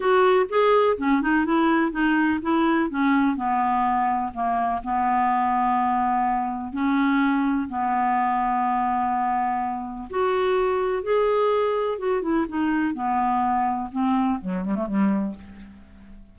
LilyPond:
\new Staff \with { instrumentName = "clarinet" } { \time 4/4 \tempo 4 = 125 fis'4 gis'4 cis'8 dis'8 e'4 | dis'4 e'4 cis'4 b4~ | b4 ais4 b2~ | b2 cis'2 |
b1~ | b4 fis'2 gis'4~ | gis'4 fis'8 e'8 dis'4 b4~ | b4 c'4 fis8 g16 a16 g4 | }